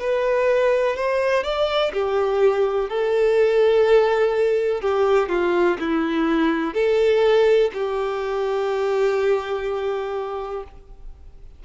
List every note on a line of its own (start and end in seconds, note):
0.00 0.96 B4
0.96 1.44 C5
1.44 1.92 D5
1.93 2.89 G4
2.89 4.81 A4
4.81 5.29 G4
5.29 5.77 F4
5.80 6.74 E4
6.74 7.71 A4
7.73 10.64 G4